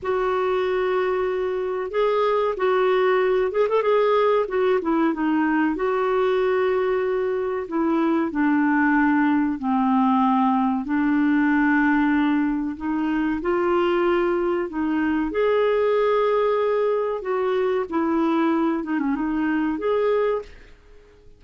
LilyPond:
\new Staff \with { instrumentName = "clarinet" } { \time 4/4 \tempo 4 = 94 fis'2. gis'4 | fis'4. gis'16 a'16 gis'4 fis'8 e'8 | dis'4 fis'2. | e'4 d'2 c'4~ |
c'4 d'2. | dis'4 f'2 dis'4 | gis'2. fis'4 | e'4. dis'16 cis'16 dis'4 gis'4 | }